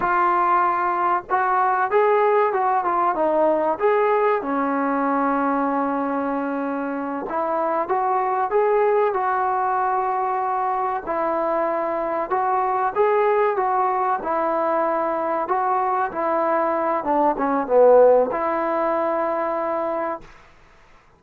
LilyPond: \new Staff \with { instrumentName = "trombone" } { \time 4/4 \tempo 4 = 95 f'2 fis'4 gis'4 | fis'8 f'8 dis'4 gis'4 cis'4~ | cis'2.~ cis'8 e'8~ | e'8 fis'4 gis'4 fis'4.~ |
fis'4. e'2 fis'8~ | fis'8 gis'4 fis'4 e'4.~ | e'8 fis'4 e'4. d'8 cis'8 | b4 e'2. | }